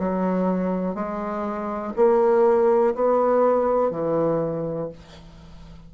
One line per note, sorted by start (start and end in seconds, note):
0.00 0.95 F#3
0.95 1.94 G#3
1.97 2.95 A#3
2.95 3.92 B3
3.92 4.90 E3